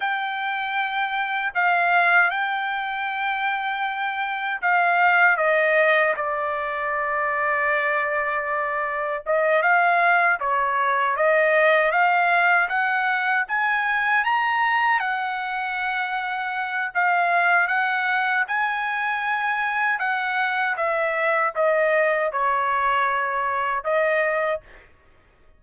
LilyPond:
\new Staff \with { instrumentName = "trumpet" } { \time 4/4 \tempo 4 = 78 g''2 f''4 g''4~ | g''2 f''4 dis''4 | d''1 | dis''8 f''4 cis''4 dis''4 f''8~ |
f''8 fis''4 gis''4 ais''4 fis''8~ | fis''2 f''4 fis''4 | gis''2 fis''4 e''4 | dis''4 cis''2 dis''4 | }